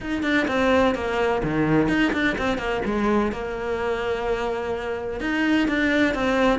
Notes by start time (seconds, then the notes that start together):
0.01 D#4
0.22 D4
0.47 C4
0.94 A#3
1.43 D#3
1.88 D#4
2.12 D4
2.38 C4
2.58 A#3
2.85 G#3
3.32 A#3
5.20 D#4
5.68 D4
6.14 C4